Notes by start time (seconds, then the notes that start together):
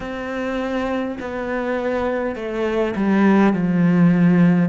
0.00 C4
1.20 B3
2.35 A3
2.96 G3
3.53 F3